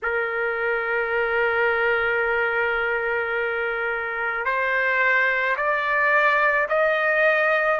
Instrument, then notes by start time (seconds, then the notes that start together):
trumpet
0.02 A#4
4.44 C5
5.56 D5
6.69 D#5